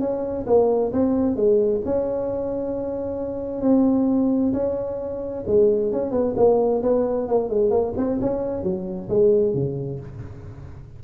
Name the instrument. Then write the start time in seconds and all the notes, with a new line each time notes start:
tuba
0.00 C#4
0.47 A#3
0.92 C4
1.36 G#3
1.85 C#4
3.62 C4
4.53 C#4
5.47 G#3
5.92 C#4
6.11 B3
6.37 A#3
6.83 B3
7.28 A#3
7.49 G#3
7.70 A#3
7.97 C4
8.21 C#4
8.63 F#3
9.09 G#3
9.54 C#3